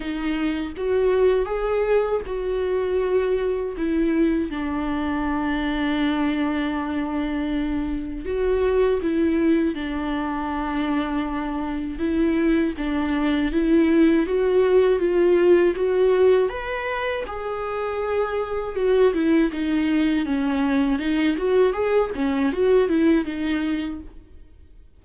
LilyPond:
\new Staff \with { instrumentName = "viola" } { \time 4/4 \tempo 4 = 80 dis'4 fis'4 gis'4 fis'4~ | fis'4 e'4 d'2~ | d'2. fis'4 | e'4 d'2. |
e'4 d'4 e'4 fis'4 | f'4 fis'4 b'4 gis'4~ | gis'4 fis'8 e'8 dis'4 cis'4 | dis'8 fis'8 gis'8 cis'8 fis'8 e'8 dis'4 | }